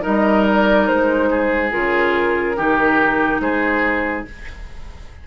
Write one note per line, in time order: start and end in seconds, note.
0.00 0.89 G3
0.00 1.69 D#4
0.00 1.29 A#4
0.00 0.46 D#5
0.46 0.87 D5
0.87 1.73 G#3
0.87 1.71 C5
1.30 2.56 G#4
1.71 2.58 C#3
1.71 2.55 F4
1.71 3.40 A#4
2.56 3.40 D#3
2.56 4.25 D#4
2.56 3.41 G4
3.40 4.24 G#3
3.40 4.27 G#4
3.40 4.25 C5